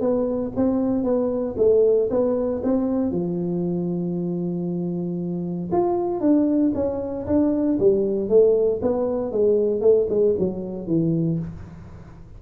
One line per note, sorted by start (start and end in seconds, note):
0.00 0.52 B3
0.56 1.04 C4
1.04 1.55 B3
1.58 2.09 A3
2.10 2.62 B3
2.63 3.12 C4
3.12 5.70 F3
5.72 6.20 F4
6.20 6.72 D4
6.74 7.26 C#4
7.26 7.78 D4
7.79 8.29 G3
8.29 8.81 A3
8.82 9.32 B3
9.32 9.81 G#3
9.81 10.07 A3
10.09 10.35 G#3
10.38 10.87 F#3
10.87 11.39 E3